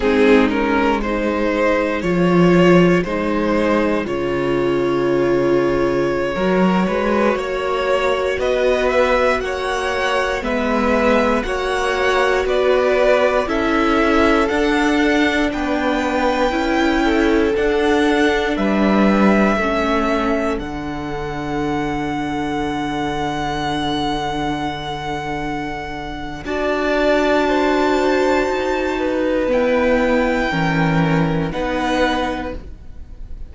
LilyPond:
<<
  \new Staff \with { instrumentName = "violin" } { \time 4/4 \tempo 4 = 59 gis'8 ais'8 c''4 cis''4 c''4 | cis''1~ | cis''16 dis''8 e''8 fis''4 e''4 fis''8.~ | fis''16 d''4 e''4 fis''4 g''8.~ |
g''4~ g''16 fis''4 e''4.~ e''16~ | e''16 fis''2.~ fis''8.~ | fis''2 a''2~ | a''4 g''2 fis''4 | }
  \new Staff \with { instrumentName = "violin" } { \time 4/4 dis'4 gis'2.~ | gis'2~ gis'16 ais'8 b'8 cis''8.~ | cis''16 b'4 cis''4 b'4 cis''8.~ | cis''16 b'4 a'2 b'8.~ |
b'8. a'4. b'4 a'8.~ | a'1~ | a'2 d''4 c''4~ | c''8 b'4. ais'4 b'4 | }
  \new Staff \with { instrumentName = "viola" } { \time 4/4 c'8 cis'8 dis'4 f'4 dis'4 | f'2~ f'16 fis'4.~ fis'16~ | fis'2~ fis'16 b4 fis'8.~ | fis'4~ fis'16 e'4 d'4.~ d'16~ |
d'16 e'4 d'2 cis'8.~ | cis'16 d'2.~ d'8.~ | d'2 fis'2~ | fis'4 b4 cis'4 dis'4 | }
  \new Staff \with { instrumentName = "cello" } { \time 4/4 gis2 f4 gis4 | cis2~ cis16 fis8 gis8 ais8.~ | ais16 b4 ais4 gis4 ais8.~ | ais16 b4 cis'4 d'4 b8.~ |
b16 cis'4 d'4 g4 a8.~ | a16 d2.~ d8.~ | d2 d'2 | dis'4 e'4 e4 b4 | }
>>